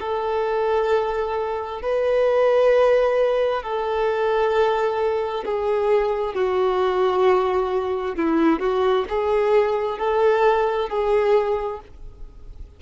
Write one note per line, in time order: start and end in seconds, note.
0.00 1.82 A4
1.82 3.63 B4
3.63 5.45 A4
5.45 6.34 G#4
6.34 8.16 F#4
8.16 8.60 E4
8.60 9.05 F#4
9.09 9.98 G#4
9.98 10.89 A4
10.89 11.80 G#4